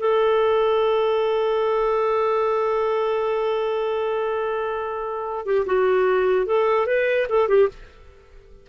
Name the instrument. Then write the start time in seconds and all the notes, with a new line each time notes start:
clarinet
0.00 A4
5.46 G4
5.66 F#4
6.46 A4
6.87 B4
7.30 A4
7.49 G4